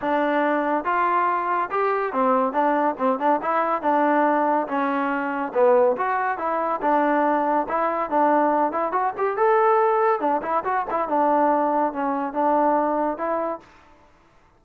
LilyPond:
\new Staff \with { instrumentName = "trombone" } { \time 4/4 \tempo 4 = 141 d'2 f'2 | g'4 c'4 d'4 c'8 d'8 | e'4 d'2 cis'4~ | cis'4 b4 fis'4 e'4 |
d'2 e'4 d'4~ | d'8 e'8 fis'8 g'8 a'2 | d'8 e'8 fis'8 e'8 d'2 | cis'4 d'2 e'4 | }